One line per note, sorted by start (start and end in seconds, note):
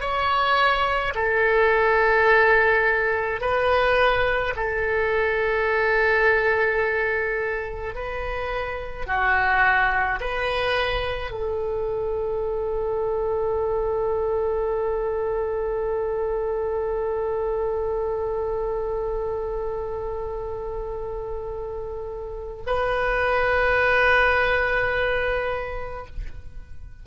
0.00 1.13 C#5
1.15 3.41 A4
3.41 4.54 B4
4.56 7.95 A4
7.95 9.06 B4
9.06 10.19 F#4
10.20 11.31 B4
11.31 22.63 A4
22.66 26.06 B4